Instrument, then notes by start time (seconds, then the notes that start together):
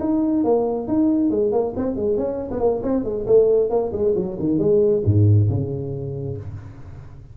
tuba
0.00 D#4
0.44 A#3
0.87 D#4
1.30 G#3
1.52 A#3
1.76 C4
1.96 G#3
2.17 C#4
2.51 B3
2.60 A#3
2.82 C4
3.04 G#3
3.26 A3
3.70 A#3
3.92 G#3
4.15 F#3
4.39 D#3
4.59 G#3
5.05 G#2
5.49 C#3